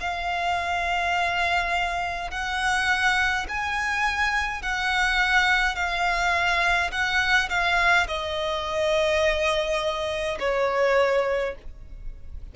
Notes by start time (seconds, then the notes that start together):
0.00 F5
2.30 F#5
3.48 G#5
4.62 F#5
5.75 F5
6.91 F#5
7.49 F5
8.07 D#5
10.39 C#5